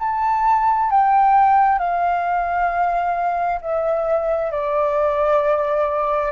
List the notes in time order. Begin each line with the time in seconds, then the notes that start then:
0.00 A5
0.91 G5
1.79 F5
3.62 E5
4.52 D5